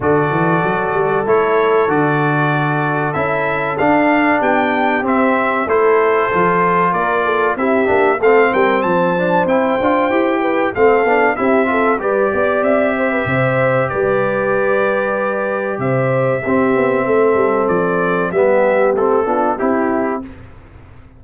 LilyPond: <<
  \new Staff \with { instrumentName = "trumpet" } { \time 4/4 \tempo 4 = 95 d''2 cis''4 d''4~ | d''4 e''4 f''4 g''4 | e''4 c''2 d''4 | e''4 f''8 g''8 a''4 g''4~ |
g''4 f''4 e''4 d''4 | e''2 d''2~ | d''4 e''2. | d''4 e''4 a'4 g'4 | }
  \new Staff \with { instrumentName = "horn" } { \time 4/4 a'1~ | a'2. g'4~ | g'4 a'2 ais'8 a'8 | g'4 a'8 ais'8 c''2~ |
c''8 b'8 a'4 g'8 a'8 b'8 d''8~ | d''8 c''16 b'16 c''4 b'2~ | b'4 c''4 g'4 a'4~ | a'4 g'4. f'8 e'4 | }
  \new Staff \with { instrumentName = "trombone" } { \time 4/4 fis'2 e'4 fis'4~ | fis'4 e'4 d'2 | c'4 e'4 f'2 | e'8 d'8 c'4. d'8 e'8 f'8 |
g'4 c'8 d'8 e'8 f'8 g'4~ | g'1~ | g'2 c'2~ | c'4 b4 c'8 d'8 e'4 | }
  \new Staff \with { instrumentName = "tuba" } { \time 4/4 d8 e8 fis8 g8 a4 d4~ | d4 cis'4 d'4 b4 | c'4 a4 f4 ais4 | c'8 ais8 a8 g8 f4 c'8 d'8 |
e'4 a8 b8 c'4 g8 b8 | c'4 c4 g2~ | g4 c4 c'8 b8 a8 g8 | f4 g4 a8 b8 c'4 | }
>>